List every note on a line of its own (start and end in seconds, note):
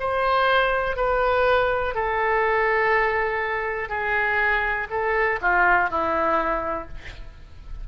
0.00 0.97 C5
0.97 1.95 B4
1.95 3.89 A4
3.89 4.88 G#4
4.90 5.40 A4
5.41 5.90 F4
5.90 6.89 E4